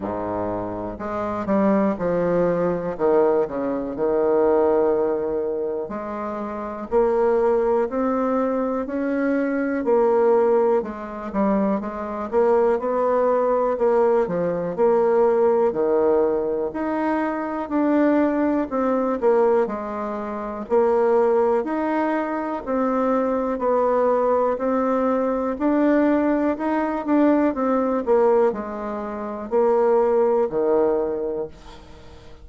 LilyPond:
\new Staff \with { instrumentName = "bassoon" } { \time 4/4 \tempo 4 = 61 gis,4 gis8 g8 f4 dis8 cis8 | dis2 gis4 ais4 | c'4 cis'4 ais4 gis8 g8 | gis8 ais8 b4 ais8 f8 ais4 |
dis4 dis'4 d'4 c'8 ais8 | gis4 ais4 dis'4 c'4 | b4 c'4 d'4 dis'8 d'8 | c'8 ais8 gis4 ais4 dis4 | }